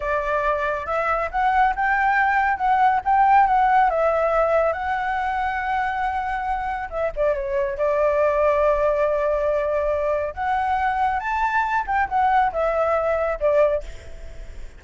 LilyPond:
\new Staff \with { instrumentName = "flute" } { \time 4/4 \tempo 4 = 139 d''2 e''4 fis''4 | g''2 fis''4 g''4 | fis''4 e''2 fis''4~ | fis''1 |
e''8 d''8 cis''4 d''2~ | d''1 | fis''2 a''4. g''8 | fis''4 e''2 d''4 | }